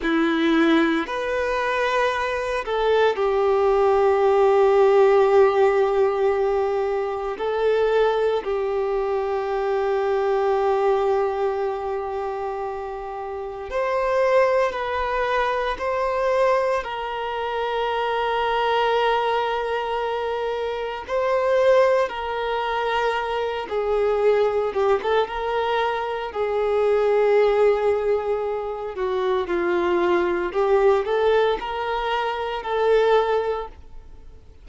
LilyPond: \new Staff \with { instrumentName = "violin" } { \time 4/4 \tempo 4 = 57 e'4 b'4. a'8 g'4~ | g'2. a'4 | g'1~ | g'4 c''4 b'4 c''4 |
ais'1 | c''4 ais'4. gis'4 g'16 a'16 | ais'4 gis'2~ gis'8 fis'8 | f'4 g'8 a'8 ais'4 a'4 | }